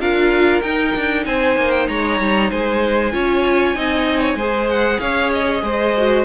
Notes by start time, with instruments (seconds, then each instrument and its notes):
0.00 cello D4, viola F4, violin A#4 F5
0.62 cello D#4, viola D#4, violin G5
0.96 cello D4
1.26 cello C4, violin C5 G#5
1.57 cello A#3
1.71 violin G5
1.88 cello G#3, violin C#5 A#5
2.20 cello G3
2.50 cello G#3, violin C5 G#5
3.12 cello C#4, viola F4, violin C#5
3.75 cello C4, viola D#4, violin D#5
4.21 violin C#5
4.35 cello G#3, viola G#4, violin C5
4.70 violin F#5
5.00 cello C#4, violin C#5 F5
5.33 violin D#5
5.63 cello G#3, violin C5
5.97 viola F#4